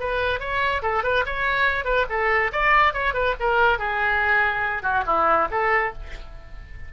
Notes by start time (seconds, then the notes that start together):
0.00 B4
0.40 C#5
0.83 A4
1.04 B4
1.26 C#5
1.85 B4
2.10 A4
2.52 D5
2.93 C#5
3.14 B4
3.40 A#4
3.79 G#4
4.83 F#4
5.06 E4
5.51 A4